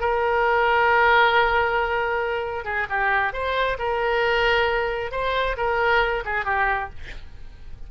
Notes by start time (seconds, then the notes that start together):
0.00 A#4
2.64 G#4
2.89 G4
3.33 C5
3.78 A#4
5.12 C5
5.57 A#4
6.25 G#4
6.45 G4